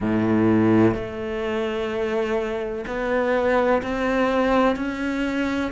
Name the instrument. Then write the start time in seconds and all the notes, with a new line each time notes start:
cello
0.00 A2
0.94 A3
2.87 B3
3.82 C4
4.76 C#4